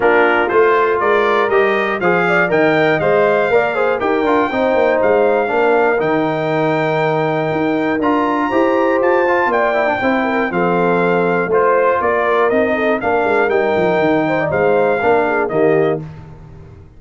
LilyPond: <<
  \new Staff \with { instrumentName = "trumpet" } { \time 4/4 \tempo 4 = 120 ais'4 c''4 d''4 dis''4 | f''4 g''4 f''2 | g''2 f''2 | g''1 |
ais''2 a''4 g''4~ | g''4 f''2 c''4 | d''4 dis''4 f''4 g''4~ | g''4 f''2 dis''4 | }
  \new Staff \with { instrumentName = "horn" } { \time 4/4 f'2 ais'2 | c''8 d''8 dis''2 d''8 c''8 | ais'4 c''2 ais'4~ | ais'1~ |
ais'4 c''2 d''4 | c''8 ais'8 a'2 c''4 | ais'4. a'8 ais'2~ | ais'8 c''16 d''16 c''4 ais'8 gis'8 g'4 | }
  \new Staff \with { instrumentName = "trombone" } { \time 4/4 d'4 f'2 g'4 | gis'4 ais'4 c''4 ais'8 gis'8 | g'8 f'8 dis'2 d'4 | dis'1 |
f'4 g'4. f'4 e'16 d'16 | e'4 c'2 f'4~ | f'4 dis'4 d'4 dis'4~ | dis'2 d'4 ais4 | }
  \new Staff \with { instrumentName = "tuba" } { \time 4/4 ais4 a4 gis4 g4 | f4 dis4 gis4 ais4 | dis'8 d'8 c'8 ais8 gis4 ais4 | dis2. dis'4 |
d'4 e'4 f'4 ais4 | c'4 f2 a4 | ais4 c'4 ais8 gis8 g8 f8 | dis4 gis4 ais4 dis4 | }
>>